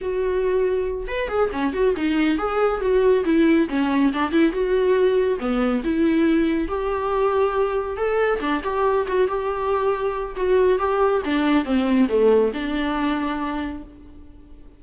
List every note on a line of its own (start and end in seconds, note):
0.01 1.07 F#4
1.07 1.28 B4
1.28 1.50 G#4
1.52 1.73 C#4
1.73 1.94 F#4
1.96 2.38 D#4
2.38 2.81 G#4
2.81 3.24 F#4
3.24 3.67 E4
3.69 4.12 C#4
4.13 4.31 D4
4.31 4.52 E4
4.52 5.38 F#4
5.39 5.82 B3
5.84 6.67 E4
6.67 7.96 G4
7.96 8.39 A4
8.40 8.62 D4
8.63 9.06 G4
9.07 9.27 F#4
9.27 10.35 G4
10.36 10.79 F#4
10.79 11.22 G4
11.24 11.64 D4
11.64 12.07 C4
12.08 12.52 A3
12.53 13.83 D4